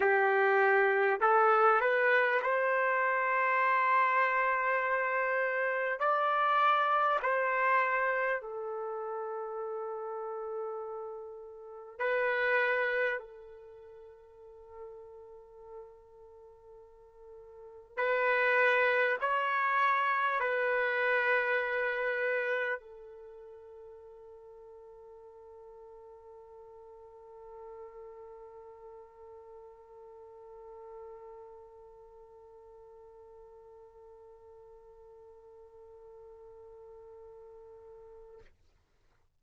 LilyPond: \new Staff \with { instrumentName = "trumpet" } { \time 4/4 \tempo 4 = 50 g'4 a'8 b'8 c''2~ | c''4 d''4 c''4 a'4~ | a'2 b'4 a'4~ | a'2. b'4 |
cis''4 b'2 a'4~ | a'1~ | a'1~ | a'1 | }